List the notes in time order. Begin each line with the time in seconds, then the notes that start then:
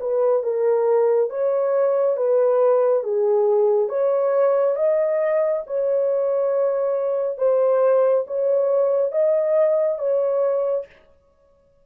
0.00 B4
0.43 A#4
1.29 C#5
2.16 B4
3.03 G#4
3.89 C#5
4.75 D#5
5.66 C#5
7.38 C5
8.27 C#5
9.12 D#5
9.98 C#5